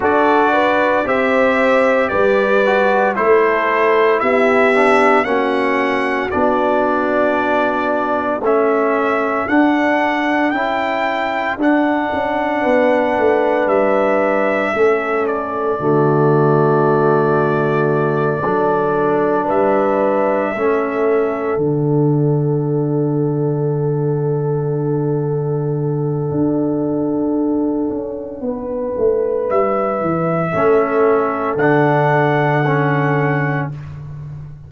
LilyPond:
<<
  \new Staff \with { instrumentName = "trumpet" } { \time 4/4 \tempo 4 = 57 d''4 e''4 d''4 c''4 | e''4 fis''4 d''2 | e''4 fis''4 g''4 fis''4~ | fis''4 e''4. d''4.~ |
d''2~ d''8 e''4.~ | e''8 fis''2.~ fis''8~ | fis''1 | e''2 fis''2 | }
  \new Staff \with { instrumentName = "horn" } { \time 4/4 a'8 b'8 c''4 b'4 a'4 | g'4 fis'2. | a'1 | b'2 a'4 fis'4~ |
fis'4. a'4 b'4 a'8~ | a'1~ | a'2. b'4~ | b'4 a'2. | }
  \new Staff \with { instrumentName = "trombone" } { \time 4/4 fis'4 g'4. fis'8 e'4~ | e'8 d'8 cis'4 d'2 | cis'4 d'4 e'4 d'4~ | d'2 cis'4 a4~ |
a4. d'2 cis'8~ | cis'8 d'2.~ d'8~ | d'1~ | d'4 cis'4 d'4 cis'4 | }
  \new Staff \with { instrumentName = "tuba" } { \time 4/4 d'4 c'4 g4 a4 | b4 ais4 b2 | a4 d'4 cis'4 d'8 cis'8 | b8 a8 g4 a4 d4~ |
d4. fis4 g4 a8~ | a8 d2.~ d8~ | d4 d'4. cis'8 b8 a8 | g8 e8 a4 d2 | }
>>